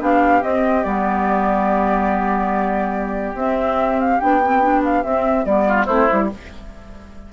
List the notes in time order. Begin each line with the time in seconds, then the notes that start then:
0.00 B3 D4 G4 F5
0.42 C4 D#5
0.84 G3 B3 D5
3.35 C4 E5
4.00 F5
4.20 B3 D4 G5
4.43 C4
4.62 D4
4.85 F5
5.03 C4 E5
5.45 G3 B3 D5
5.68 F4
5.85 A3 C4 E4 C5
6.09 G3 E4